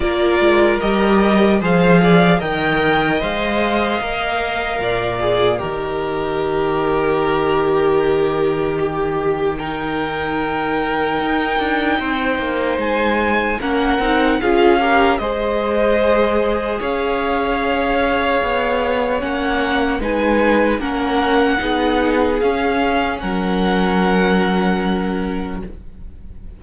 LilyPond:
<<
  \new Staff \with { instrumentName = "violin" } { \time 4/4 \tempo 4 = 75 d''4 dis''4 f''4 g''4 | f''2. dis''4~ | dis''1 | g''1 |
gis''4 fis''4 f''4 dis''4~ | dis''4 f''2. | fis''4 gis''4 fis''2 | f''4 fis''2. | }
  \new Staff \with { instrumentName = "violin" } { \time 4/4 ais'2 c''8 d''8 dis''4~ | dis''2 d''4 ais'4~ | ais'2. g'4 | ais'2. c''4~ |
c''4 ais'4 gis'8 ais'8 c''4~ | c''4 cis''2.~ | cis''4 b'4 ais'4 gis'4~ | gis'4 ais'2. | }
  \new Staff \with { instrumentName = "viola" } { \time 4/4 f'4 g'4 gis'4 ais'4 | c''4 ais'4. gis'8 g'4~ | g'1 | dis'1~ |
dis'4 cis'8 dis'8 f'8 g'8 gis'4~ | gis'1 | cis'4 dis'4 cis'4 dis'4 | cis'1 | }
  \new Staff \with { instrumentName = "cello" } { \time 4/4 ais8 gis8 g4 f4 dis4 | gis4 ais4 ais,4 dis4~ | dis1~ | dis2 dis'8 d'8 c'8 ais8 |
gis4 ais8 c'8 cis'4 gis4~ | gis4 cis'2 b4 | ais4 gis4 ais4 b4 | cis'4 fis2. | }
>>